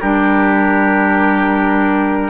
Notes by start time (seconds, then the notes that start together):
0.00 G3 D4 G4 A#4